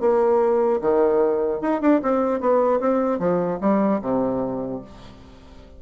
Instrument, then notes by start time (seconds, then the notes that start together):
bassoon
0.00 A#3
0.81 D#3
1.61 D#4
1.81 D4
2.02 C4
2.40 B3
2.79 C4
3.19 F3
3.60 G3
4.01 C3